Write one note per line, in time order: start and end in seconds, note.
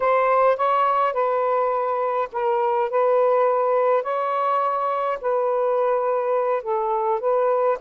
0.00 0.56 C5
0.56 1.13 C#5
1.13 2.28 B4
2.32 2.90 A#4
2.90 4.03 B4
4.03 5.18 C#5
5.21 6.62 B4
6.62 7.20 A4
7.20 7.77 B4